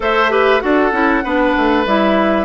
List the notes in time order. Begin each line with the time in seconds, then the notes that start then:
0.00 A3 A4 C5 E5
0.29 G4 B4
0.60 D4 F#4 A4 F#5
0.92 C#4 E4
1.23 B3 D4 B4
1.56 A3
1.86 G3 E4 E5